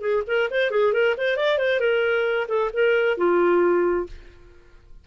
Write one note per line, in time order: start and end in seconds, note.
0.00 0.22 G#4
0.26 0.49 A#4
0.50 0.70 C5
0.70 0.92 G#4
0.92 1.15 A#4
1.17 1.36 C5
1.36 1.58 D5
1.58 1.79 C5
1.79 2.46 A#4
2.48 2.70 A4
2.73 3.17 A#4
3.17 4.06 F4